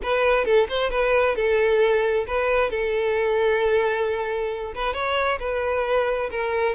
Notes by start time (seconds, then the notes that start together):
0.02 B4
0.44 A4
0.68 C5
0.90 B4
1.35 A4
2.27 B4
2.70 A4
4.75 B4
4.93 C#5
5.39 B4
6.30 A#4